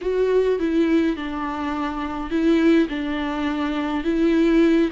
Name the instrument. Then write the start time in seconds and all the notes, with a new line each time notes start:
viola
0.01 F#4
0.59 E4
1.16 D4
2.30 E4
2.88 D4
4.04 E4